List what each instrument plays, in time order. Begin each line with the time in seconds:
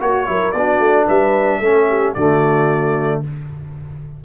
0.00 tuba A#3, trombone F#4, horn F#4, trumpet C#5
0.26 tuba F#3, trombone E4, horn A#4
0.52 tuba B3, trombone D4, horn F#4, trumpet D5
0.79 tuba A3
1.06 tuba G3, horn B4, trumpet E5
1.60 tuba A3, trombone C#4, horn A4
1.89 horn G4
2.14 tuba D3, trombone A3, horn F#4, trumpet D5